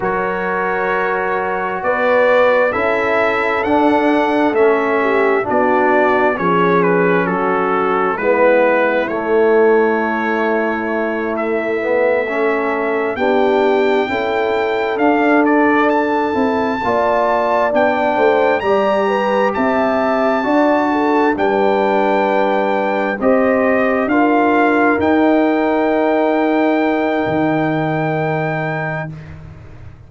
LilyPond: <<
  \new Staff \with { instrumentName = "trumpet" } { \time 4/4 \tempo 4 = 66 cis''2 d''4 e''4 | fis''4 e''4 d''4 cis''8 b'8 | a'4 b'4 cis''2~ | cis''8 e''2 g''4.~ |
g''8 f''8 d''8 a''2 g''8~ | g''8 ais''4 a''2 g''8~ | g''4. dis''4 f''4 g''8~ | g''1 | }
  \new Staff \with { instrumentName = "horn" } { \time 4/4 ais'2 b'4 a'4~ | a'4. g'8 fis'4 gis'4 | fis'4 e'2.~ | e'4. a'4 g'4 a'8~ |
a'2~ a'8 d''4. | c''8 d''8 b'8 e''4 d''8 a'8 b'8~ | b'4. c''4 ais'4.~ | ais'1 | }
  \new Staff \with { instrumentName = "trombone" } { \time 4/4 fis'2. e'4 | d'4 cis'4 d'4 cis'4~ | cis'4 b4 a2~ | a4 b8 cis'4 d'4 e'8~ |
e'8 d'4. e'8 f'4 d'8~ | d'8 g'2 fis'4 d'8~ | d'4. g'4 f'4 dis'8~ | dis'1 | }
  \new Staff \with { instrumentName = "tuba" } { \time 4/4 fis2 b4 cis'4 | d'4 a4 b4 f4 | fis4 gis4 a2~ | a2~ a8 b4 cis'8~ |
cis'8 d'4. c'8 ais4 b8 | a8 g4 c'4 d'4 g8~ | g4. c'4 d'4 dis'8~ | dis'2 dis2 | }
>>